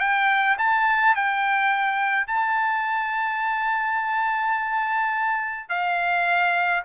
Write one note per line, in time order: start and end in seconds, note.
0.00 0.57 G5
0.59 1.16 A5
1.16 2.27 G5
2.27 5.69 A5
5.69 6.84 F5